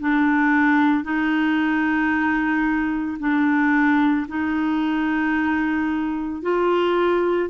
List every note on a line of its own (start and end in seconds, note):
0.00 1.04 D4
1.04 3.18 D#4
3.19 4.26 D4
4.28 6.42 D#4
6.42 7.50 F4